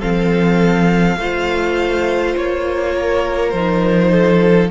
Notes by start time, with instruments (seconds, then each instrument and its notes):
0.00 cello F3, viola C4, violin A4 F5
1.17 cello A3, viola F4, violin C5
2.37 cello A#3, violin C#5
2.95 violin A#4
3.50 cello F3, viola D#4, violin C5
4.12 violin A4